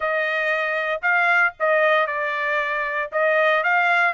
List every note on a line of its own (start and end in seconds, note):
0.00 1.01 D#5
1.01 1.53 F5
1.59 2.06 D#5
2.06 3.10 D5
3.12 3.63 D#5
3.63 4.13 F5